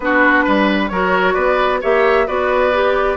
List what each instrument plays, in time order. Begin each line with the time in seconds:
0.00 bassoon B3, clarinet D4, oboe F#4, flute B4
0.44 bassoon G3, oboe B4
0.88 bassoon F#3, clarinet F#4, oboe A#4, flute C#5
1.34 bassoon B3, oboe B4, flute D5
1.81 bassoon A#3, clarinet G4, oboe C#5, flute E5
2.27 bassoon B3, clarinet F#4, oboe B4, flute D5
2.73 clarinet G4